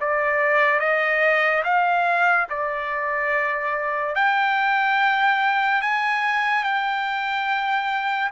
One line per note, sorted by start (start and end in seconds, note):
0.00 0.80 D5
0.80 1.63 D#5
1.64 2.47 F5
2.49 4.15 D5
4.15 5.81 G5
5.81 6.63 G#5
6.63 8.30 G5